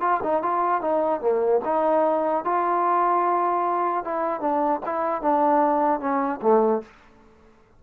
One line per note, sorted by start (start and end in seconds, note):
0.00 0.20 F4
0.23 0.42 D#4
0.42 0.81 F4
0.81 1.20 D#4
1.20 1.60 A#3
1.64 2.44 D#4
2.44 4.04 F4
4.04 4.40 E4
4.40 4.80 D4
4.85 5.21 E4
5.21 5.99 D4
5.99 6.39 C#4
6.42 6.82 A3